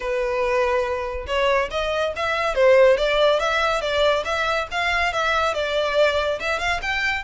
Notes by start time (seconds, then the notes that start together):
0.00 B4
1.26 C#5
1.70 D#5
2.16 E5
2.54 C5
2.97 D5
3.39 E5
3.81 D5
4.24 E5
4.71 F5
5.12 E5
5.54 D5
6.39 E5
6.59 F5
6.81 G5